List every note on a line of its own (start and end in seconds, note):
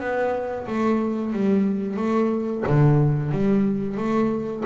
0.00 0.67 B3
0.67 1.33 A3
1.33 1.97 G3
1.97 2.64 A3
2.67 3.32 D3
3.32 3.97 G3
3.97 4.64 A3